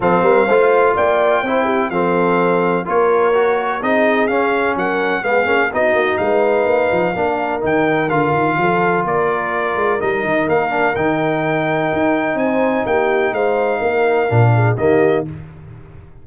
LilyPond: <<
  \new Staff \with { instrumentName = "trumpet" } { \time 4/4 \tempo 4 = 126 f''2 g''2 | f''2 cis''2 | dis''4 f''4 fis''4 f''4 | dis''4 f''2. |
g''4 f''2 d''4~ | d''4 dis''4 f''4 g''4~ | g''2 gis''4 g''4 | f''2. dis''4 | }
  \new Staff \with { instrumentName = "horn" } { \time 4/4 a'8 ais'8 c''4 d''4 c''8 g'8 | a'2 ais'2 | gis'2 ais'4 gis'4 | fis'4 b'2 ais'4~ |
ais'2 a'4 ais'4~ | ais'1~ | ais'2 c''4 g'4 | c''4 ais'4. gis'8 g'4 | }
  \new Staff \with { instrumentName = "trombone" } { \time 4/4 c'4 f'2 e'4 | c'2 f'4 fis'4 | dis'4 cis'2 b8 cis'8 | dis'2. d'4 |
dis'4 f'2.~ | f'4 dis'4. d'8 dis'4~ | dis'1~ | dis'2 d'4 ais4 | }
  \new Staff \with { instrumentName = "tuba" } { \time 4/4 f8 g8 a4 ais4 c'4 | f2 ais2 | c'4 cis'4 fis4 gis8 ais8 | b8 ais8 gis4 ais8 f8 ais4 |
dis4 d8 dis8 f4 ais4~ | ais8 gis8 g8 dis8 ais4 dis4~ | dis4 dis'4 c'4 ais4 | gis4 ais4 ais,4 dis4 | }
>>